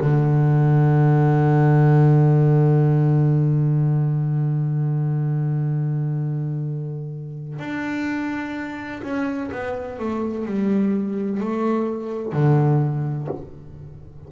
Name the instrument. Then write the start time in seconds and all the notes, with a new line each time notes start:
double bass
0.00 D3
7.59 D4
9.02 C#4
9.51 B3
9.99 A3
10.45 G3
11.40 A3
12.32 D3